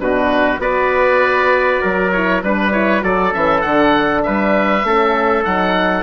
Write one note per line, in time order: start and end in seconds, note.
0.00 0.59 B2
0.00 0.59 D4
0.00 0.61 F#4
0.00 0.61 B4
0.59 1.80 B3
0.59 2.11 F#4
0.59 1.82 B4
0.59 2.12 D5
1.82 2.44 F#3
1.82 2.43 A#4
2.12 2.44 E4
2.12 2.42 C#5
2.44 3.04 G3
2.44 2.71 D4
2.44 2.72 B4
2.44 3.04 B4
2.71 3.01 E4
2.71 3.03 C#5
3.01 3.34 F#3
3.01 3.32 F#4
3.01 4.25 A4
3.01 3.34 D5
3.33 3.64 E3
3.33 3.63 C#4
3.33 3.62 E5
3.62 4.25 D3
3.62 4.84 D4
3.62 4.22 F#5
4.24 4.84 G3
4.24 4.87 B4
4.24 5.45 E5
4.84 5.45 A3
4.84 5.44 C#4
4.84 6.04 A4
5.44 6.04 F#3
5.44 6.04 D#4
5.44 6.04 F#5